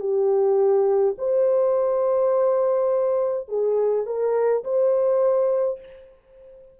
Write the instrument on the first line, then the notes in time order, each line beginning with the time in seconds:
horn
0.00 G4
1.18 C5
3.49 G#4
4.06 A#4
4.64 C5